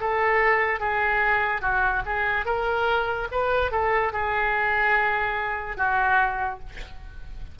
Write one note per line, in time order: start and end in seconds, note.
0.00 0.80 A4
0.80 1.61 G#4
1.61 2.02 F#4
2.05 2.45 G#4
2.45 3.28 A#4
3.31 3.72 B4
3.72 4.12 A4
4.12 5.77 G#4
5.77 6.59 F#4